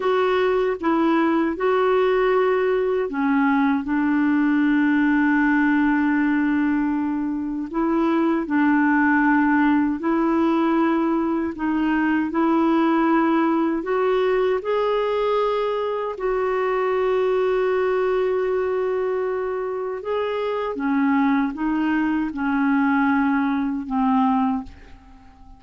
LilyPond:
\new Staff \with { instrumentName = "clarinet" } { \time 4/4 \tempo 4 = 78 fis'4 e'4 fis'2 | cis'4 d'2.~ | d'2 e'4 d'4~ | d'4 e'2 dis'4 |
e'2 fis'4 gis'4~ | gis'4 fis'2.~ | fis'2 gis'4 cis'4 | dis'4 cis'2 c'4 | }